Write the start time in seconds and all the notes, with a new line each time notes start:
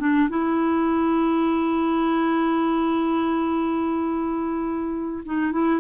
0.00 D4
0.29 E4
5.26 D#4
5.52 E4